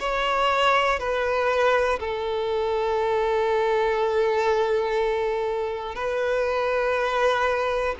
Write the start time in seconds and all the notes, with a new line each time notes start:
0.00 C#5
0.99 B4
2.00 A4
5.95 B4